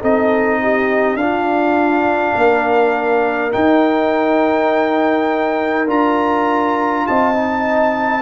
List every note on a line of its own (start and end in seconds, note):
0.00 1.15 C4
0.00 1.18 D#4
0.00 0.60 A4
0.00 1.17 D#5
0.62 1.20 G4
1.15 2.33 D4
1.15 2.36 F4
1.15 3.52 F5
1.21 3.51 D4
2.36 3.53 A#3
2.36 7.06 A#4
3.51 5.87 D#4
3.51 5.89 D#4
3.51 5.88 G5
5.88 7.06 D4
5.88 7.34 F4
5.88 7.07 A#5
7.07 8.23 C4
7.07 8.23 D#5
7.07 8.23 A5
7.34 8.23 D#4